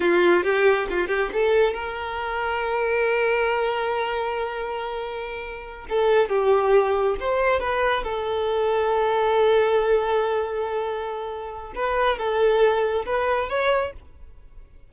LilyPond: \new Staff \with { instrumentName = "violin" } { \time 4/4 \tempo 4 = 138 f'4 g'4 f'8 g'8 a'4 | ais'1~ | ais'1~ | ais'4. a'4 g'4.~ |
g'8 c''4 b'4 a'4.~ | a'1~ | a'2. b'4 | a'2 b'4 cis''4 | }